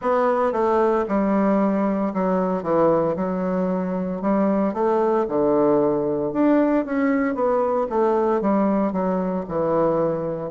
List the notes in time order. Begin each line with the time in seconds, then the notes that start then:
0.01 B3
0.52 A3
1.08 G3
2.13 F#3
2.62 E3
3.16 F#3
4.21 G3
4.73 A3
5.28 D3
6.32 D4
6.85 C#4
7.34 B3
7.89 A3
8.41 G3
8.92 F#3
9.48 E3